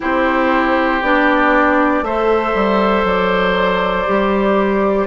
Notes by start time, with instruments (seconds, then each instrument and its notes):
0.00 bassoon C4, clarinet E4, oboe G4, flute C5
1.01 bassoon B3, clarinet D4, flute D5
2.01 bassoon A3, clarinet A4, oboe C5, flute E5
2.54 bassoon G3
3.04 bassoon F#3, flute D5
4.06 bassoon G3, clarinet G4